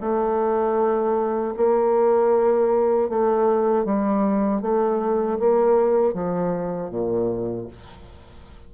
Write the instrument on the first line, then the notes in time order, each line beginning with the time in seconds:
bassoon
0.00 A3
1.56 A#3
3.09 A3
3.85 G3
4.62 A3
5.39 A#3
6.13 F3
6.90 A#2